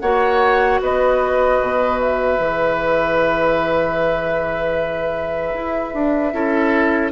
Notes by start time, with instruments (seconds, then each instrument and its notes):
0.00 bassoon A#3, clarinet F#4, oboe C#5, flute F#5
0.81 bassoon B3, oboe B4, flute D#5
1.61 bassoon B2
1.99 flute E5
2.38 bassoon E3, clarinet G#4
5.54 bassoon E4
5.94 bassoon D4
6.32 bassoon C#4, clarinet E4, oboe A4